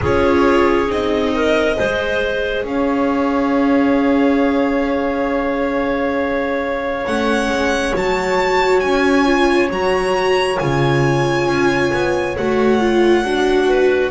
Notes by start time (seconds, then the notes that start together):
0.01 C#4 F4 G#4 C#5
0.87 C4 D#4 D#5
1.34 A#4
1.76 G#3 G#4 C5
2.63 C#4 C#5 F5
7.06 A3 C#4 F#5
7.48 G#3
7.93 F#3 F#4 A5
8.79 C#4 G#5
9.25 F4
9.69 F#3 F#4 A#5
10.58 C#3 F4 G#5
11.47 C#4
11.92 B3
12.37 A3 F#4 F#5
12.80 F4
13.23 D4 F#4
13.68 B4